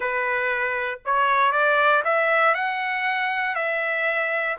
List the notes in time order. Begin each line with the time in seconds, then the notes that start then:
0.00 B4
1.05 C#5
1.51 D5
2.04 E5
2.54 F#5
3.55 E5